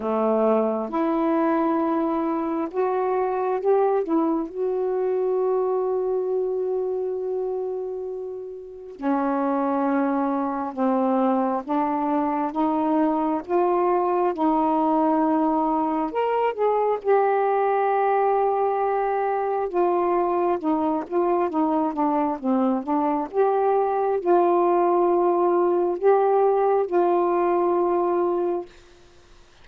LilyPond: \new Staff \with { instrumentName = "saxophone" } { \time 4/4 \tempo 4 = 67 a4 e'2 fis'4 | g'8 e'8 fis'2.~ | fis'2 cis'2 | c'4 d'4 dis'4 f'4 |
dis'2 ais'8 gis'8 g'4~ | g'2 f'4 dis'8 f'8 | dis'8 d'8 c'8 d'8 g'4 f'4~ | f'4 g'4 f'2 | }